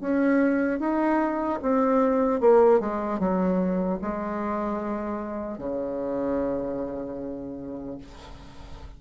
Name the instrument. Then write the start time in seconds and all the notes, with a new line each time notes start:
bassoon
0.00 C#4
0.79 D#4
1.61 C4
2.40 A#3
2.80 G#3
3.19 F#3
4.01 G#3
5.58 C#3